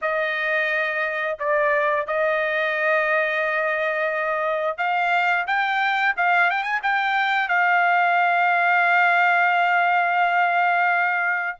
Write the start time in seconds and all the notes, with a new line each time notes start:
0.01 D#5
1.39 D5
2.06 D#5
4.77 F5
5.47 G5
6.16 F5
6.50 G5
6.63 G#5
6.82 G5
7.48 F5